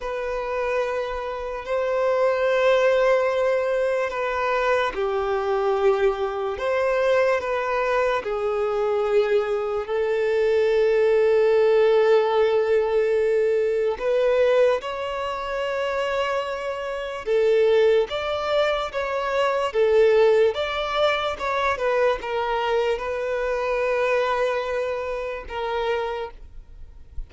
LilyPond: \new Staff \with { instrumentName = "violin" } { \time 4/4 \tempo 4 = 73 b'2 c''2~ | c''4 b'4 g'2 | c''4 b'4 gis'2 | a'1~ |
a'4 b'4 cis''2~ | cis''4 a'4 d''4 cis''4 | a'4 d''4 cis''8 b'8 ais'4 | b'2. ais'4 | }